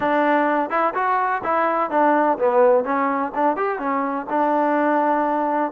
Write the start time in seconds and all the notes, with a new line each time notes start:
0.00 D4
0.69 E4
0.94 F#4
1.43 E4
1.90 D4
2.38 B3
2.84 C#4
3.35 D4
3.56 G4
3.79 C#4
4.29 D4